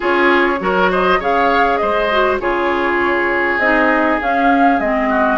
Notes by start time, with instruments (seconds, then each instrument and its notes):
0.00 bassoon C#4, clarinet F4, oboe G#4, flute C#5
0.59 bassoon F#3, clarinet F#4, oboe A#4
0.91 oboe C5, flute D#5
1.19 bassoon C#3, clarinet G#4, oboe C#5, flute F5
1.77 bassoon G#3, oboe C5, flute D#5
2.11 clarinet F#4
2.39 bassoon C#3, clarinet F4, oboe G#4, flute C#5
3.58 bassoon C4, clarinet D#4, flute D#5
4.20 clarinet C#4, bassoon C#4, flute F5
4.79 bassoon G#3, clarinet C4, flute D#5
5.09 oboe F#4